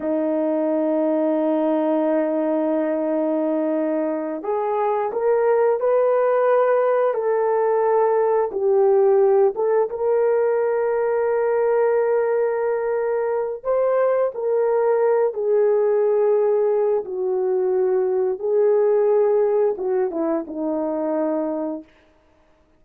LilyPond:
\new Staff \with { instrumentName = "horn" } { \time 4/4 \tempo 4 = 88 dis'1~ | dis'2~ dis'8 gis'4 ais'8~ | ais'8 b'2 a'4.~ | a'8 g'4. a'8 ais'4.~ |
ais'1 | c''4 ais'4. gis'4.~ | gis'4 fis'2 gis'4~ | gis'4 fis'8 e'8 dis'2 | }